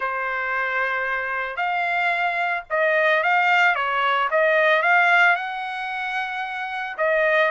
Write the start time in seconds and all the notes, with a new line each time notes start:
0.00 C5
1.56 F5
2.70 D#5
3.23 F5
3.75 C#5
4.31 D#5
4.82 F5
5.35 F#5
6.97 D#5